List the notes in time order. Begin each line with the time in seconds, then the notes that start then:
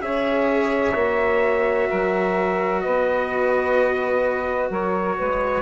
0.00 C#4 G#4 C#5 E5
0.94 A#3 F#4
1.88 F#3 A#4
2.80 B3 B4 D#5
4.70 F#3 A#4 C#5
5.17 G#3 B4